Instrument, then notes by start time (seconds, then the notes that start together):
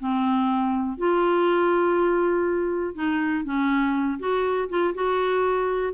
clarinet
0.00 C4
0.98 F4
2.95 D#4
3.45 C#4
4.19 F#4
4.69 F4
4.95 F#4